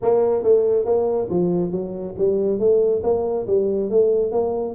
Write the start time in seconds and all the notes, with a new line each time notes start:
0.02 A#3
0.43 A3
0.85 A#3
1.29 F3
1.71 F#3
2.17 G3
2.59 A3
3.03 A#3
3.46 G3
3.90 A3
4.31 A#3